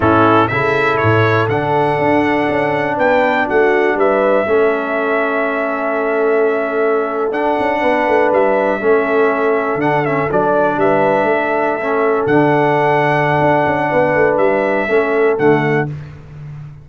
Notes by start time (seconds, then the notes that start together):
0.00 A2 C#4 E4 A4
0.47 C#3 E4 A4 E5
0.97 A2 C#5
1.48 D3 D4 F#5
1.98 D4
2.49 C#4
2.96 B3 B4 G5
3.46 A3 F#4 F#5
3.94 G3 B4 E5
4.46 A3 C#4 A4
7.31 D4 F#5
7.59 C#4
7.80 B3 B4
8.07 A3
8.32 G3 E5
8.80 A3 C#4 A4
9.75 D3 D4 F#5
10.04 C#4 E5
10.31 F#3 D4 D5
10.77 G3 B4 E5
11.23 A3 A4
11.80 C#4
12.26 D3 D4 F#5
13.41 D4
13.65 C#4
13.89 B3 B4
14.14 A3
14.37 G3 E5
14.88 A3 C#4 A4
15.37 D3 A3 F#5